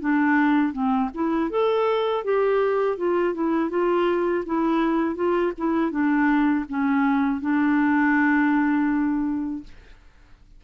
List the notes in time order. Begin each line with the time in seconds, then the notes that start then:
0.00 D4
0.73 C4
1.14 E4
1.50 A4
2.24 G4
2.97 F4
3.34 E4
3.70 F4
4.45 E4
5.15 F4
5.58 E4
5.91 D4
6.69 C#4
7.41 D4